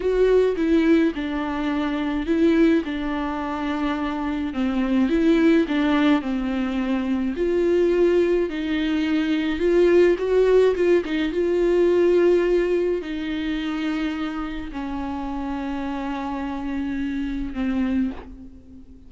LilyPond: \new Staff \with { instrumentName = "viola" } { \time 4/4 \tempo 4 = 106 fis'4 e'4 d'2 | e'4 d'2. | c'4 e'4 d'4 c'4~ | c'4 f'2 dis'4~ |
dis'4 f'4 fis'4 f'8 dis'8 | f'2. dis'4~ | dis'2 cis'2~ | cis'2. c'4 | }